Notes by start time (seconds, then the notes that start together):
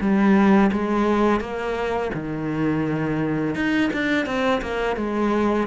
0.00 G3
0.72 G#3
1.40 A#3
2.14 D#3
3.55 D#4
3.93 D4
4.26 C4
4.61 A#3
4.96 G#3